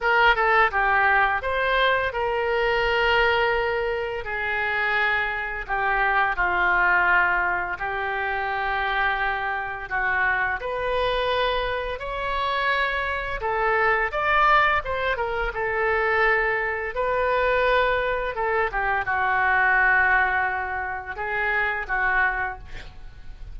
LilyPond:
\new Staff \with { instrumentName = "oboe" } { \time 4/4 \tempo 4 = 85 ais'8 a'8 g'4 c''4 ais'4~ | ais'2 gis'2 | g'4 f'2 g'4~ | g'2 fis'4 b'4~ |
b'4 cis''2 a'4 | d''4 c''8 ais'8 a'2 | b'2 a'8 g'8 fis'4~ | fis'2 gis'4 fis'4 | }